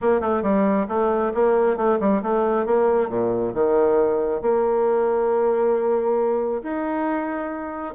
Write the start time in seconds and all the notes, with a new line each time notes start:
0.01 A#3
0.20 A3
0.42 G3
0.88 A3
1.34 A#3
1.76 A3
2.00 G3
2.22 A3
2.66 A#3
3.09 A#2
3.54 D#3
4.41 A#3
6.62 D#4